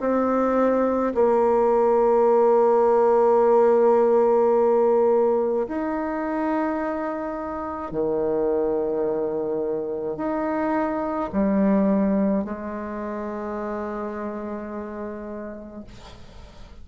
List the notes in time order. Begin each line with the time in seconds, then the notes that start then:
0.00 C4
1.14 A#3
5.68 D#4
7.91 D#3
10.16 D#4
11.32 G3
12.44 G#3